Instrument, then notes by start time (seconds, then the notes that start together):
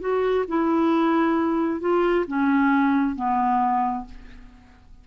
clarinet
0.00 F#4
0.48 E4
1.80 F4
2.27 C#4
3.16 B3